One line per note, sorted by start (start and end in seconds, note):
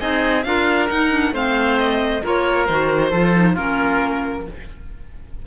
0.00 0.46 C4
0.00 0.45 D#4
0.00 0.45 G#4
0.00 0.44 D#5
0.44 0.91 D4
0.44 0.90 F4
0.44 1.34 A#4
0.44 0.89 F5
0.90 1.32 D#4
0.90 1.10 D#4
0.90 1.34 F#5
1.10 1.33 D4
1.32 2.22 A3
1.32 2.23 C4
1.32 2.23 C5
1.32 1.79 F5
1.79 2.24 D#5
2.23 2.69 A#3
2.23 2.68 F4
2.23 3.11 A#4
2.23 2.67 C#5
2.67 3.12 D#3
2.67 3.13 F#4
2.67 3.56 C5
3.11 3.57 F3
3.11 3.35 F4
3.11 3.53 A4
3.35 3.57 D#4
3.53 4.47 A#3
3.53 4.47 C#4
3.53 4.43 F4
3.53 4.47 A#4